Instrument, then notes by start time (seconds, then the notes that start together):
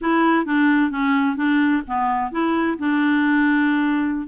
clarinet
0.01 E4
0.45 D4
0.90 C#4
1.36 D4
1.87 B3
2.31 E4
2.78 D4